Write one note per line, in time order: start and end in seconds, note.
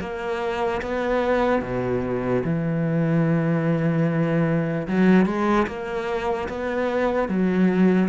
0.00 0.81 A#3
0.82 1.62 B3
1.62 2.43 B2
2.44 4.88 E3
4.88 5.26 F#3
5.26 5.66 G#3
5.67 6.48 A#3
6.49 7.29 B3
7.29 8.09 F#3